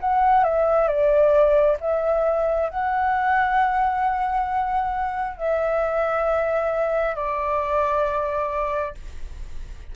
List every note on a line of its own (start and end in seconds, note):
0.00 0.44 F#5
0.44 0.87 E5
0.87 1.77 D5
1.80 2.69 E5
2.69 5.37 F#5
5.37 7.15 E5
7.15 8.94 D5